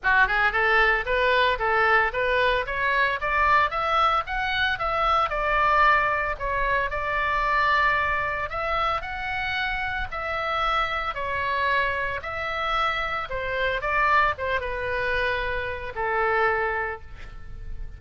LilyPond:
\new Staff \with { instrumentName = "oboe" } { \time 4/4 \tempo 4 = 113 fis'8 gis'8 a'4 b'4 a'4 | b'4 cis''4 d''4 e''4 | fis''4 e''4 d''2 | cis''4 d''2. |
e''4 fis''2 e''4~ | e''4 cis''2 e''4~ | e''4 c''4 d''4 c''8 b'8~ | b'2 a'2 | }